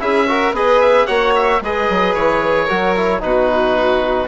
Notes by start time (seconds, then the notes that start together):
0.00 C#4 E4 G#4 E5
0.28 F#4 A#4
0.52 B3 G#4 B4 D#5
0.81 E5
1.07 A#3 F#4 C#5 F#5
1.35 E5
1.61 G#3 G#4 B4 D#5
1.90 F#3
2.15 E3 C#5
2.65 F#3 F#4 A#4
2.97 E4
3.21 B2 D#4 F#4 B4